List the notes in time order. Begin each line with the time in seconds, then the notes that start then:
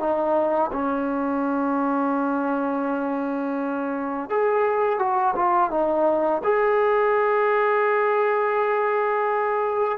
0.00 D#4
0.73 C#4
4.30 G#4
4.99 F#4
5.36 F4
5.71 D#4
6.44 G#4